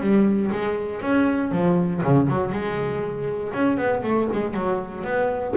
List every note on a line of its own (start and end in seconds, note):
0.00 0.50 G3
0.51 1.01 G#3
1.01 1.51 C#4
1.51 2.01 F3
2.03 2.28 C#3
2.28 2.51 F#3
2.51 3.52 G#3
3.53 3.77 C#4
3.77 4.02 B3
4.03 4.28 A3
4.32 4.54 G#3
4.54 5.04 F#3
5.04 5.54 B3